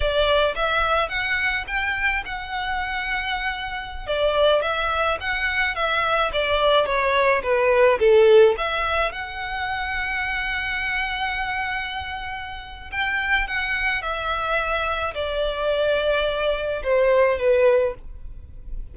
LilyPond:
\new Staff \with { instrumentName = "violin" } { \time 4/4 \tempo 4 = 107 d''4 e''4 fis''4 g''4 | fis''2.~ fis''16 d''8.~ | d''16 e''4 fis''4 e''4 d''8.~ | d''16 cis''4 b'4 a'4 e''8.~ |
e''16 fis''2.~ fis''8.~ | fis''2. g''4 | fis''4 e''2 d''4~ | d''2 c''4 b'4 | }